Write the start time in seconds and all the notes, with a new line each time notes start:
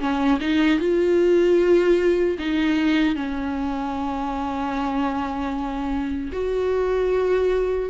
0.00 C#4
0.41 D#4
0.80 F4
2.39 D#4
3.16 C#4
6.33 F#4